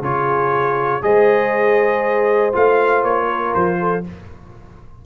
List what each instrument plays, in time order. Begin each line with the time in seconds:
0.00 tuba C#3, trombone F4, horn G#4, trumpet C#5
1.01 tuba G#3, trombone G#4, horn C5, trumpet D#5
2.52 tuba A3, trombone F4, trumpet F5
3.03 tuba A#3, trumpet C#5
3.28 horn A#4
3.54 tuba F3, trumpet C5
3.79 horn A4